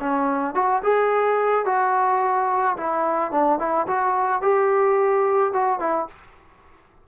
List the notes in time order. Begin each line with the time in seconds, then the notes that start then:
0.00 C#4
0.55 F#4
0.83 G#4
1.66 F#4
2.77 E4
3.32 D4
3.59 E4
3.87 F#4
4.42 G4
5.53 F#4
5.80 E4